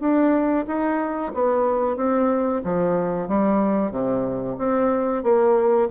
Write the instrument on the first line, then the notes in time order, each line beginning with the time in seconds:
bassoon
0.00 D4
0.67 D#4
1.34 B3
1.96 C4
2.64 F3
3.28 G3
3.91 C3
4.58 C4
5.23 A#3